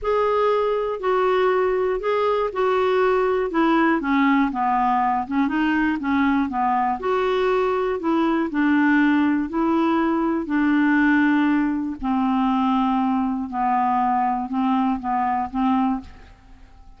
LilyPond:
\new Staff \with { instrumentName = "clarinet" } { \time 4/4 \tempo 4 = 120 gis'2 fis'2 | gis'4 fis'2 e'4 | cis'4 b4. cis'8 dis'4 | cis'4 b4 fis'2 |
e'4 d'2 e'4~ | e'4 d'2. | c'2. b4~ | b4 c'4 b4 c'4 | }